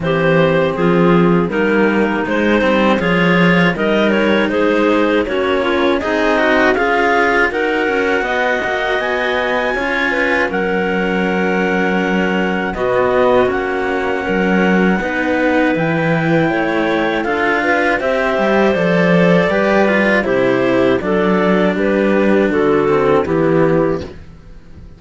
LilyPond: <<
  \new Staff \with { instrumentName = "clarinet" } { \time 4/4 \tempo 4 = 80 c''4 gis'4 ais'4 c''4 | cis''4 dis''8 cis''8 c''4 cis''4 | dis''4 f''4 fis''2 | gis''2 fis''2~ |
fis''4 dis''4 fis''2~ | fis''4 g''2 f''4 | e''4 d''2 c''4 | d''4 b'4 a'4 g'4 | }
  \new Staff \with { instrumentName = "clarinet" } { \time 4/4 g'4 f'4 dis'2 | gis'4 ais'4 gis'4 fis'8 f'8 | dis'4 gis'4 ais'4 dis''4~ | dis''4 cis''8 b'8 ais'2~ |
ais'4 fis'2 ais'4 | b'2 cis''4 a'8 b'8 | c''2 b'4 g'4 | a'4 g'4 fis'4 e'4 | }
  \new Staff \with { instrumentName = "cello" } { \time 4/4 c'2 ais4 gis8 c'8 | f'4 dis'2 cis'4 | gis'8 fis'8 f'4 fis'2~ | fis'4 f'4 cis'2~ |
cis'4 b4 cis'2 | dis'4 e'2 f'4 | g'4 a'4 g'8 f'8 e'4 | d'2~ d'8 c'8 b4 | }
  \new Staff \with { instrumentName = "cello" } { \time 4/4 e4 f4 g4 gis8 g8 | f4 g4 gis4 ais4 | c'4 cis'4 dis'8 cis'8 b8 ais8 | b4 cis'4 fis2~ |
fis4 b,4 ais4 fis4 | b4 e4 a4 d'4 | c'8 g8 f4 g4 c4 | fis4 g4 d4 e4 | }
>>